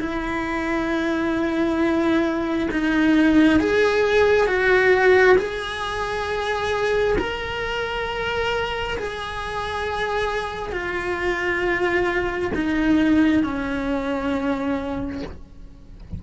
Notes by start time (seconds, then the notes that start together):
0.00 E4
2.71 D#4
3.60 G#4
4.47 F#4
5.38 G#4
7.18 A#4
8.98 G#4
10.73 F4
12.55 D#4
13.44 C#4